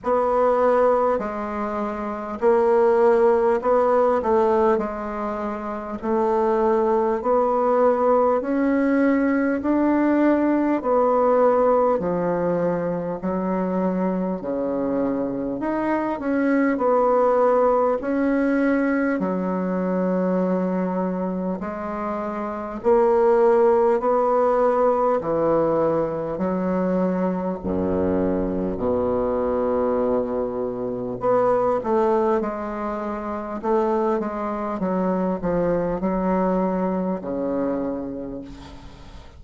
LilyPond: \new Staff \with { instrumentName = "bassoon" } { \time 4/4 \tempo 4 = 50 b4 gis4 ais4 b8 a8 | gis4 a4 b4 cis'4 | d'4 b4 f4 fis4 | cis4 dis'8 cis'8 b4 cis'4 |
fis2 gis4 ais4 | b4 e4 fis4 fis,4 | b,2 b8 a8 gis4 | a8 gis8 fis8 f8 fis4 cis4 | }